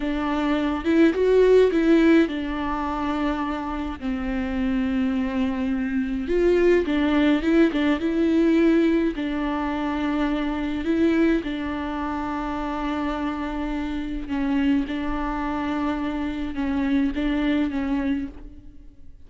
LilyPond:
\new Staff \with { instrumentName = "viola" } { \time 4/4 \tempo 4 = 105 d'4. e'8 fis'4 e'4 | d'2. c'4~ | c'2. f'4 | d'4 e'8 d'8 e'2 |
d'2. e'4 | d'1~ | d'4 cis'4 d'2~ | d'4 cis'4 d'4 cis'4 | }